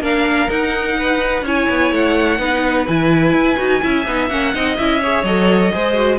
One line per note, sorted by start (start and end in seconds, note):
0.00 0.48 A#3
0.00 0.48 D4
0.00 0.97 A#4
0.00 0.50 F5
0.48 1.43 D#4
0.48 1.42 D#4
0.48 1.45 F#5
0.98 1.44 B4
1.42 1.66 C#4
1.42 2.38 E4
1.42 2.38 C#5
1.42 1.93 G#5
1.69 1.91 B3
1.91 2.38 A3
1.91 2.87 F#5
2.38 2.86 B3
2.38 2.86 D#4
2.38 3.81 B4
2.87 3.32 E3
2.87 3.57 E4
2.87 4.28 G#5
3.32 3.56 E4
3.57 3.82 D#4
3.57 3.80 F#4
3.81 4.06 C#4
3.81 4.05 E4
3.81 4.54 E5
4.06 4.30 B3
4.06 4.30 D#4
4.28 4.53 A#3
4.28 4.53 C#4
4.28 4.76 F#5
4.53 4.78 C4
4.53 4.77 D#4
4.53 5.00 D#5
4.77 5.23 C#4
4.77 5.01 E4
4.77 5.24 E5
5.00 5.25 G#4
5.00 5.72 C#5
5.23 5.70 F#3
5.23 5.72 A4
5.23 6.18 D#5
5.72 6.18 G#3
5.72 5.94 G#4
5.72 6.18 C5
5.94 6.18 F#4